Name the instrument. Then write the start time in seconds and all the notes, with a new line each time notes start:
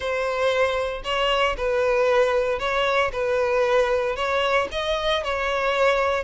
violin
0.00 C5
1.03 C#5
1.57 B4
2.59 C#5
3.12 B4
4.15 C#5
4.71 D#5
5.23 C#5